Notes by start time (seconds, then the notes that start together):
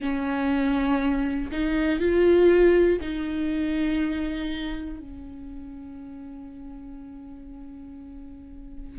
0.00 C#4
1.51 D#4
2.00 F4
3.00 D#4
5.00 C#4